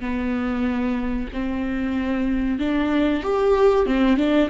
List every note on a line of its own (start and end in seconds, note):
0.00 1.28 B3
1.33 2.59 C4
2.59 3.23 D4
3.23 3.86 G4
3.86 4.17 C4
4.17 4.49 D4